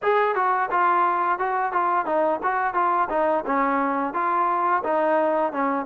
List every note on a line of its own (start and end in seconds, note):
0.02 0.35 G#4
0.35 0.69 F#4
0.71 1.39 F4
1.39 1.72 F#4
1.72 2.05 F4
2.05 2.39 D#4
2.43 2.74 F#4
2.74 3.08 F4
3.09 3.44 D#4
3.45 4.13 C#4
4.13 4.82 F4
4.83 5.52 D#4
5.52 5.85 C#4